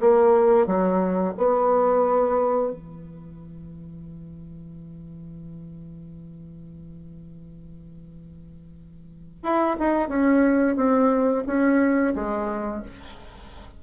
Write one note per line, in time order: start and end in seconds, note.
0.00 0.66 A#3
0.66 1.34 F#3
1.37 2.72 B3
2.72 9.43 E3
9.43 9.76 E4
9.78 10.08 D#4
10.08 10.76 C#4
10.76 11.43 C4
11.46 12.14 C#4
12.15 12.82 G#3